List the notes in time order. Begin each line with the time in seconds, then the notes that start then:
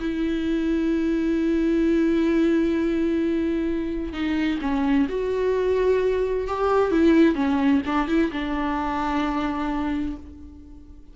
0.00 E4
4.13 D#4
4.62 C#4
5.09 F#4
6.48 G4
6.91 E4
7.35 C#4
7.86 D4
8.08 E4
8.32 D4